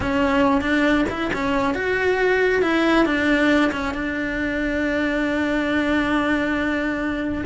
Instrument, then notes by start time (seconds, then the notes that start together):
cello
0.00 C#4
0.61 D4
1.09 E4
1.33 C#4
1.74 F#4
2.62 E4
3.05 D4
3.71 C#4
3.94 D4